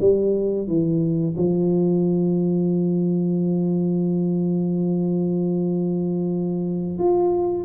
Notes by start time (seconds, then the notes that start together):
0.00 G3
0.67 E3
1.37 F3
6.98 F4